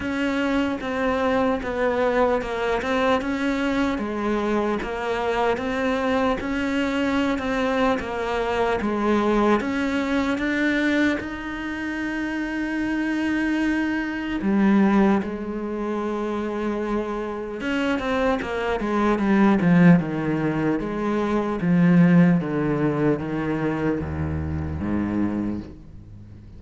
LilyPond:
\new Staff \with { instrumentName = "cello" } { \time 4/4 \tempo 4 = 75 cis'4 c'4 b4 ais8 c'8 | cis'4 gis4 ais4 c'4 | cis'4~ cis'16 c'8. ais4 gis4 | cis'4 d'4 dis'2~ |
dis'2 g4 gis4~ | gis2 cis'8 c'8 ais8 gis8 | g8 f8 dis4 gis4 f4 | d4 dis4 dis,4 gis,4 | }